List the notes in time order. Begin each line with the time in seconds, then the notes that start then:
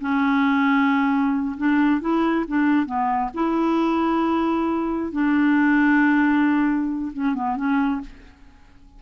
0.00 C#4
1.57 D4
2.00 E4
2.47 D4
2.85 B3
3.34 E4
5.12 D4
7.13 C#4
7.34 B3
7.56 C#4